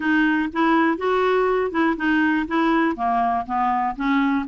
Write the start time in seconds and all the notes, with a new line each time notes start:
0.00 D#4
0.53 E4
0.97 F#4
1.71 E4
1.97 D#4
2.47 E4
2.96 A#3
3.46 B3
3.95 C#4